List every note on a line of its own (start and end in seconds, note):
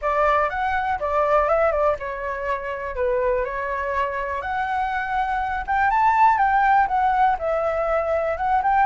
0.01 0.49 D5
0.49 0.98 F#5
0.99 1.48 D5
1.48 1.71 E5
1.71 1.96 D5
1.99 2.95 C#5
2.95 3.44 B4
3.44 4.41 C#5
4.41 5.64 F#5
5.66 5.90 G5
5.90 6.38 A5
6.38 6.87 G5
6.87 7.36 F#5
7.39 8.37 E5
8.37 8.62 F#5
8.62 8.86 G5